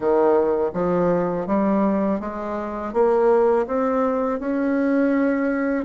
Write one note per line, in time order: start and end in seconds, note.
0.00 0.71 D#3
0.73 1.46 F3
1.46 2.20 G3
2.20 2.93 G#3
2.93 3.66 A#3
3.67 4.39 C4
4.39 5.85 C#4